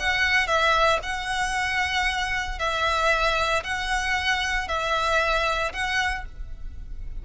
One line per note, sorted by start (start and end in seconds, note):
0.00 0.47 F#5
0.47 1.00 E5
1.03 2.59 F#5
2.59 3.64 E5
3.64 4.68 F#5
4.68 5.72 E5
5.73 6.25 F#5